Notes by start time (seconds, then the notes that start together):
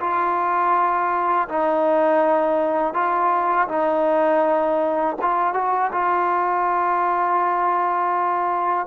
0.00 F4
1.48 D#4
2.94 F4
3.68 D#4
5.21 F4
5.54 F#4
5.92 F4